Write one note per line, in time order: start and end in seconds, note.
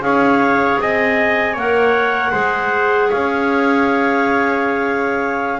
0.00 0.77 C#4
0.00 1.54 G#4
0.00 0.81 C#5
0.00 0.79 F5
0.79 1.55 C4
0.79 1.53 D#5
0.79 1.58 G#5
1.53 2.32 A#3
1.53 2.32 A#4
1.53 2.30 C#5
1.53 3.11 F#5
2.31 3.10 G#3
2.31 5.59 G#4
2.31 3.08 C5
3.09 5.59 C#4
3.09 5.59 C#5
3.09 5.59 F5